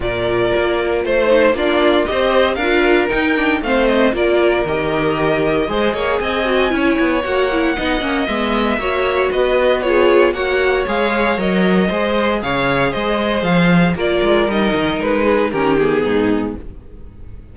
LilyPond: <<
  \new Staff \with { instrumentName = "violin" } { \time 4/4 \tempo 4 = 116 d''2 c''4 d''4 | dis''4 f''4 g''4 f''8 dis''8 | d''4 dis''2. | gis''2 fis''2 |
e''2 dis''4 cis''4 | fis''4 f''4 dis''2 | f''4 dis''4 f''4 d''4 | dis''4 b'4 ais'8 gis'4. | }
  \new Staff \with { instrumentName = "violin" } { \time 4/4 ais'2 c''4 f'4 | c''4 ais'2 c''4 | ais'2. c''8 cis''8 | dis''4 cis''2 dis''4~ |
dis''4 cis''4 b'4 gis'4 | cis''2. c''4 | cis''4 c''2 ais'4~ | ais'4. gis'8 g'4 dis'4 | }
  \new Staff \with { instrumentName = "viola" } { \time 4/4 f'2~ f'8 dis'8 d'4 | g'4 f'4 dis'8 d'8 c'4 | f'4 g'2 gis'4~ | gis'8 fis'8 e'4 fis'8 e'8 dis'8 cis'8 |
b4 fis'2 f'4 | fis'4 gis'4 ais'4 gis'4~ | gis'2. f'4 | dis'2 cis'8 b4. | }
  \new Staff \with { instrumentName = "cello" } { \time 4/4 ais,4 ais4 a4 ais4 | c'4 d'4 dis'4 a4 | ais4 dis2 gis8 ais8 | c'4 cis'8 b8 ais4 b8 ais8 |
gis4 ais4 b2 | ais4 gis4 fis4 gis4 | cis4 gis4 f4 ais8 gis8 | g8 dis8 gis4 dis4 gis,4 | }
>>